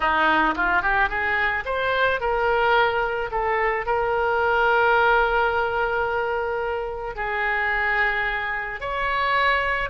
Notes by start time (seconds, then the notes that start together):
0.00 D#4
0.55 F4
0.82 G4
1.09 G#4
1.65 C5
2.20 A#4
3.31 A4
3.86 A#4
7.15 G#4
8.80 C#5